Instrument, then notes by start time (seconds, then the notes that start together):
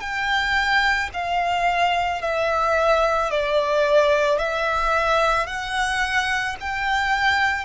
violin
0.00 G5
1.13 F5
2.21 E5
3.30 D5
4.38 E5
5.46 F#5
6.60 G5